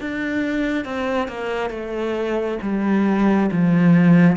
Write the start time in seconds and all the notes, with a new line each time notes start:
0.00 D4
0.85 C4
1.28 A#3
1.70 A3
2.61 G3
3.51 F3